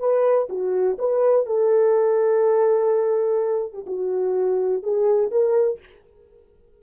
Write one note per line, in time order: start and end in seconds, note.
0.00 0.48 B4
0.49 0.98 F#4
0.99 1.46 B4
1.46 3.73 A4
3.73 3.86 G4
3.87 4.83 F#4
4.83 5.32 G#4
5.32 5.80 A#4